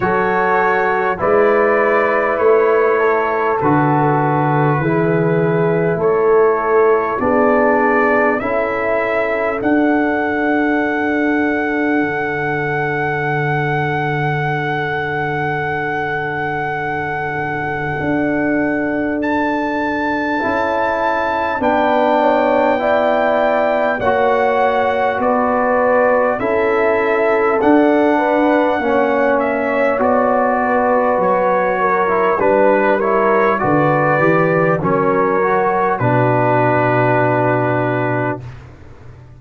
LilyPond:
<<
  \new Staff \with { instrumentName = "trumpet" } { \time 4/4 \tempo 4 = 50 cis''4 d''4 cis''4 b'4~ | b'4 cis''4 d''4 e''4 | fis''1~ | fis''1 |
a''2 g''2 | fis''4 d''4 e''4 fis''4~ | fis''8 e''8 d''4 cis''4 b'8 cis''8 | d''4 cis''4 b'2 | }
  \new Staff \with { instrumentName = "horn" } { \time 4/4 a'4 b'4. a'4. | gis'4 a'4 gis'4 a'4~ | a'1~ | a'1~ |
a'2 b'8 cis''8 d''4 | cis''4 b'4 a'4. b'8 | cis''4. b'4 ais'8 b'8 ais'8 | b'4 ais'4 fis'2 | }
  \new Staff \with { instrumentName = "trombone" } { \time 4/4 fis'4 e'2 fis'4 | e'2 d'4 e'4 | d'1~ | d'1~ |
d'4 e'4 d'4 e'4 | fis'2 e'4 d'4 | cis'4 fis'4.~ fis'16 e'16 d'8 e'8 | fis'8 g'8 cis'8 fis'8 d'2 | }
  \new Staff \with { instrumentName = "tuba" } { \time 4/4 fis4 gis4 a4 d4 | e4 a4 b4 cis'4 | d'2 d2~ | d2. d'4~ |
d'4 cis'4 b2 | ais4 b4 cis'4 d'4 | ais4 b4 fis4 g4 | d8 e8 fis4 b,2 | }
>>